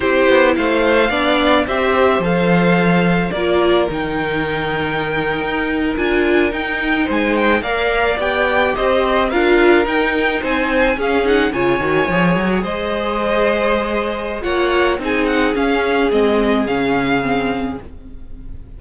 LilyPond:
<<
  \new Staff \with { instrumentName = "violin" } { \time 4/4 \tempo 4 = 108 c''4 f''2 e''4 | f''2 d''4 g''4~ | g''2~ g''8. gis''4 g''16~ | g''8. gis''8 g''8 f''4 g''4 dis''16~ |
dis''8. f''4 g''4 gis''4 f''16~ | f''16 fis''8 gis''2 dis''4~ dis''16~ | dis''2 fis''4 gis''8 fis''8 | f''4 dis''4 f''2 | }
  \new Staff \with { instrumentName = "violin" } { \time 4/4 g'4 c''4 d''4 c''4~ | c''2 ais'2~ | ais'1~ | ais'8. c''4 d''2 c''16~ |
c''8. ais'2 c''4 gis'16~ | gis'8. cis''2 c''4~ c''16~ | c''2 cis''4 gis'4~ | gis'1 | }
  \new Staff \with { instrumentName = "viola" } { \time 4/4 e'2 d'4 g'4 | a'2 f'4 dis'4~ | dis'2~ dis'8. f'4 dis'16~ | dis'4.~ dis'16 ais'4 g'4~ g'16~ |
g'8. f'4 dis'2 cis'16~ | cis'16 dis'8 f'8 fis'8 gis'2~ gis'16~ | gis'2 f'4 dis'4 | cis'4 c'4 cis'4 c'4 | }
  \new Staff \with { instrumentName = "cello" } { \time 4/4 c'8 b8 a4 b4 c'4 | f2 ais4 dis4~ | dis4.~ dis16 dis'4 d'4 dis'16~ | dis'8. gis4 ais4 b4 c'16~ |
c'8. d'4 dis'4 c'4 cis'16~ | cis'8. cis8 dis8 f8 fis8 gis4~ gis16~ | gis2 ais4 c'4 | cis'4 gis4 cis2 | }
>>